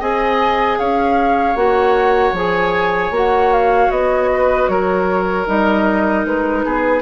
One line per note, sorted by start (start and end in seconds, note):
0.00 0.79 C4
0.00 1.56 G#4
0.00 0.78 D#5
0.00 0.79 G#5
0.79 1.55 C#4
0.79 4.30 C#5
0.79 1.56 F5
1.55 2.32 A#3
1.55 2.34 F#4
1.55 2.34 F#5
2.32 3.10 F3
2.32 3.13 G#4
2.32 3.16 G#5
3.10 3.88 A#3
3.10 5.46 F#4
3.17 3.53 F#5
3.53 3.91 F5
3.90 4.68 B3
3.90 4.68 D#5
4.33 4.70 B4
4.68 5.46 F#3
4.68 6.65 A#4
4.68 5.46 C#5
5.46 6.25 G3
5.46 7.01 D#4
5.46 6.26 D#5
6.25 6.64 G#3
6.25 7.01 B4
6.65 7.01 B3
6.65 7.01 G#4